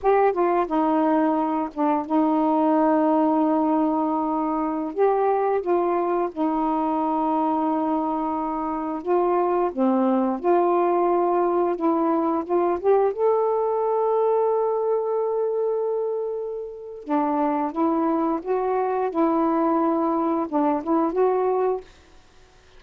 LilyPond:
\new Staff \with { instrumentName = "saxophone" } { \time 4/4 \tempo 4 = 88 g'8 f'8 dis'4. d'8 dis'4~ | dis'2.~ dis'16 g'8.~ | g'16 f'4 dis'2~ dis'8.~ | dis'4~ dis'16 f'4 c'4 f'8.~ |
f'4~ f'16 e'4 f'8 g'8 a'8.~ | a'1~ | a'4 d'4 e'4 fis'4 | e'2 d'8 e'8 fis'4 | }